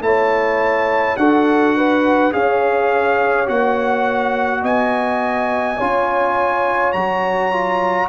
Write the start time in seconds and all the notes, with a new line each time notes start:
0.00 A3 E4 C#5 A5
1.17 D4 F#4 A4 F#5
1.77 B4
2.32 C#4 G#4 C#5 F5
3.46 A#3 F#4 F#5
4.62 B3 D#5 G#5
5.77 C#4 F4 C#5
6.93 F#3 F#4 A#5
7.52 F4